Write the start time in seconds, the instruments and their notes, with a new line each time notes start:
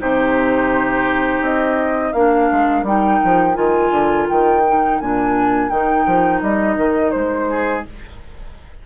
0.00 bassoon C3, clarinet D#4, oboe G4, flute C5
1.42 bassoon C4, flute D#5
2.13 bassoon A#3, clarinet D4, oboe A#4, flute F5
2.52 bassoon G#3
2.84 bassoon G3, clarinet D#4, flute G5
3.24 bassoon F3
3.55 bassoon D#3, clarinet F4, flute G#5
3.91 bassoon D3
4.30 bassoon D#3, flute G5
4.68 clarinet D#4
5.01 bassoon A#2, clarinet D4, flute G#5
5.70 bassoon D#3, clarinet D#4, flute G5
6.07 bassoon F3
6.42 bassoon G3, flute D#5
6.77 bassoon D#3
7.11 bassoon G#3, flute C5
7.49 oboe G#4